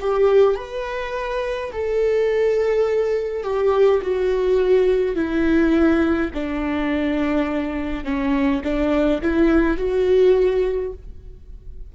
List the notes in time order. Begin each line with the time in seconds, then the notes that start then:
0.00 G4
0.56 B4
1.72 A4
3.44 G4
4.02 F#4
5.15 E4
6.34 D4
8.04 C#4
8.64 D4
9.22 E4
9.77 F#4